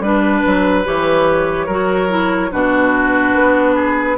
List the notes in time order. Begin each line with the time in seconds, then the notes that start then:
0.00 G3 D4 B4
0.46 F#3
0.85 E3 G4 C#5
1.66 F#3 F#4 A#4
2.09 E4
2.51 B2 D4 F#4 B4
3.35 B3
3.76 G#4